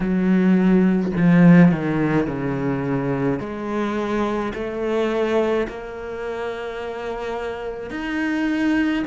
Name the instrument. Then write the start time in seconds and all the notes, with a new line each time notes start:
cello
0.00 F#3
1.16 F3
1.71 D#3
2.27 C#3
3.40 G#3
4.54 A3
5.68 A#3
7.90 D#4